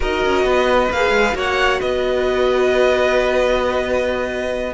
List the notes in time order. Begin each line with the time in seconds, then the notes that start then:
0.00 D#4 F#4 A#4 D#5
0.24 C#4
0.43 B3 B4
0.90 A#3 G#4 F5
1.10 G#3
1.32 A#3 F#4 C#5 F#5
1.79 B3 B4 D#5